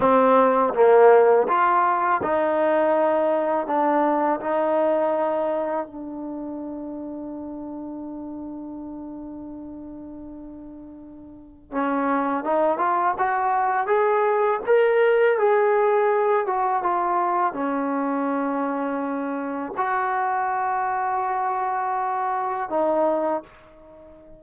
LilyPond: \new Staff \with { instrumentName = "trombone" } { \time 4/4 \tempo 4 = 82 c'4 ais4 f'4 dis'4~ | dis'4 d'4 dis'2 | d'1~ | d'1 |
cis'4 dis'8 f'8 fis'4 gis'4 | ais'4 gis'4. fis'8 f'4 | cis'2. fis'4~ | fis'2. dis'4 | }